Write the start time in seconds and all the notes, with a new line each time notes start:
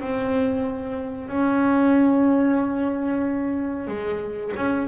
0.00 C4
1.28 C#4
3.87 G#3
4.56 C#4